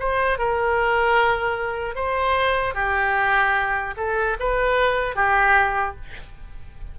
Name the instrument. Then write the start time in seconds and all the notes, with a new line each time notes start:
oboe
0.00 C5
0.39 A#4
1.96 C5
2.75 G4
3.97 A4
4.40 B4
5.16 G4